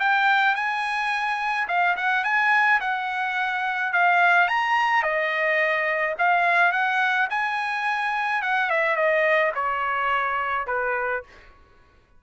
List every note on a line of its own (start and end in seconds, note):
0.00 0.56 G5
0.56 1.68 G#5
1.68 1.96 F5
1.97 2.24 F#5
2.24 2.80 G#5
2.81 3.93 F#5
3.93 4.48 F5
4.48 5.03 A#5
5.03 6.15 D#5
6.19 6.72 F5
6.72 7.28 F#5
7.30 8.42 G#5
8.42 8.70 F#5
8.70 8.96 E5
8.96 9.52 D#5
9.55 10.67 C#5
10.67 11.23 B4